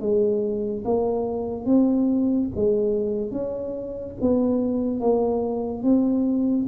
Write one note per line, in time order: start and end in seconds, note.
0.00 0.83 G#3
0.84 1.65 A#3
1.65 2.48 C4
2.55 3.31 G#3
3.31 4.14 C#4
4.20 5.00 B3
5.00 5.83 A#3
5.83 6.66 C4